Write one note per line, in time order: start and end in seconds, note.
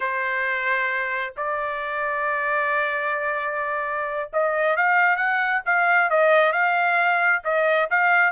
0.00 1.33 C5
1.37 4.30 D5
4.32 4.76 D#5
4.76 5.16 F5
5.16 5.61 F#5
5.65 6.09 F5
6.09 6.52 D#5
6.52 7.42 F5
7.44 7.89 D#5
7.90 8.32 F5